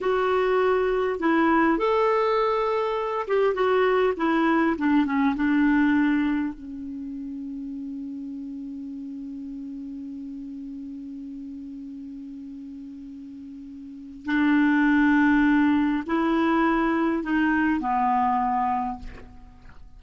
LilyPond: \new Staff \with { instrumentName = "clarinet" } { \time 4/4 \tempo 4 = 101 fis'2 e'4 a'4~ | a'4. g'8 fis'4 e'4 | d'8 cis'8 d'2 cis'4~ | cis'1~ |
cis'1~ | cis'1 | d'2. e'4~ | e'4 dis'4 b2 | }